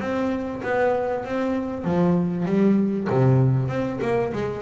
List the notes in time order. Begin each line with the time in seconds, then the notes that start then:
0.00 C4
0.63 B3
1.25 C4
1.85 F3
2.46 G3
3.10 C3
3.69 C4
4.02 A#3
4.33 G#3